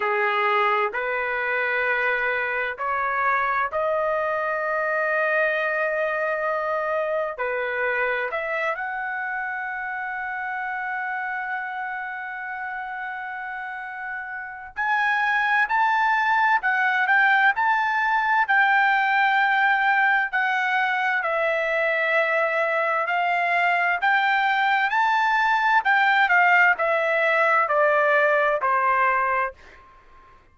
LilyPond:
\new Staff \with { instrumentName = "trumpet" } { \time 4/4 \tempo 4 = 65 gis'4 b'2 cis''4 | dis''1 | b'4 e''8 fis''2~ fis''8~ | fis''1 |
gis''4 a''4 fis''8 g''8 a''4 | g''2 fis''4 e''4~ | e''4 f''4 g''4 a''4 | g''8 f''8 e''4 d''4 c''4 | }